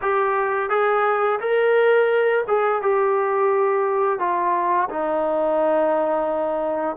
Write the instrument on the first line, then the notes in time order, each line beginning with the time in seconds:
trombone
0.01 G4
0.69 G#4
1.40 A#4
2.47 G#4
2.82 G4
4.19 F4
4.89 D#4